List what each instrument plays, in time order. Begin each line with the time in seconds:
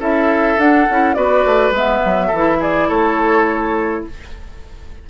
0.00 bassoon C#4, clarinet E4, oboe A4, flute E5
0.58 bassoon D4, clarinet D4, flute F#5
0.90 bassoon C#4, clarinet E4
1.15 bassoon B3, clarinet F#4, oboe B4, flute D5
1.46 bassoon A3
1.71 bassoon G#3, clarinet B3, flute E5
2.05 bassoon F#3
2.28 bassoon E3, oboe A4
2.37 clarinet E4
2.60 oboe G#4, flute D5
2.88 bassoon A3, oboe A4, flute C#5